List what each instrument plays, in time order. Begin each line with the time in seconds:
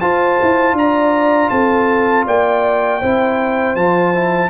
0.00 tuba F4, trombone F4, horn C5, trumpet A5
0.42 tuba E4
0.73 tuba D4, trumpet A#5
0.79 horn D5
1.49 tuba C4, horn A4, trumpet A5
2.25 tuba A#3, horn D5, trumpet G5
3.00 tuba C4, trombone E4, horn C5
3.75 tuba F3, trombone F4, trumpet A5
4.14 trombone E4